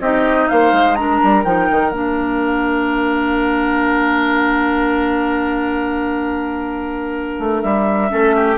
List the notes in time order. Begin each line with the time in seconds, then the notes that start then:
0.00 C4 D#4 G4 D#5
0.48 A#3 C5 F5
0.72 G#3
0.95 D4 A#4 A#5
1.23 G3
1.44 F3 D#4 G5
1.71 D#3
1.91 A#3 D4 F5
7.38 A3
7.61 G3 E5
8.08 A3 C#4 A4
8.35 G4